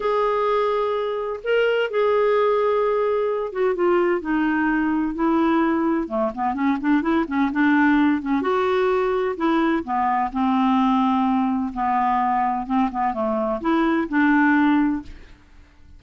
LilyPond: \new Staff \with { instrumentName = "clarinet" } { \time 4/4 \tempo 4 = 128 gis'2. ais'4 | gis'2.~ gis'8 fis'8 | f'4 dis'2 e'4~ | e'4 a8 b8 cis'8 d'8 e'8 cis'8 |
d'4. cis'8 fis'2 | e'4 b4 c'2~ | c'4 b2 c'8 b8 | a4 e'4 d'2 | }